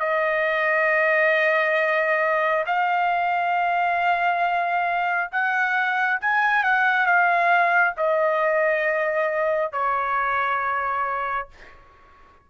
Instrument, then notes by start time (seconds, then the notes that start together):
trumpet
0.00 D#5
2.66 F5
5.32 F#5
6.21 G#5
6.64 F#5
7.06 F5
7.97 D#5
9.72 C#5